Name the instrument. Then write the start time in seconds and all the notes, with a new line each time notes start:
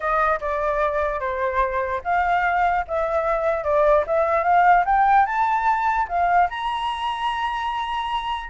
flute
0.00 D#5
0.40 D5
1.20 C5
2.04 F5
2.87 E5
3.63 D5
4.06 E5
4.43 F5
4.85 G5
5.26 A5
6.08 F5
6.49 A#5